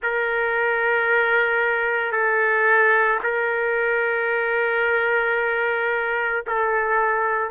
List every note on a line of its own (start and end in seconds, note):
0.02 2.12 A#4
2.12 3.19 A4
3.23 6.44 A#4
6.46 7.50 A4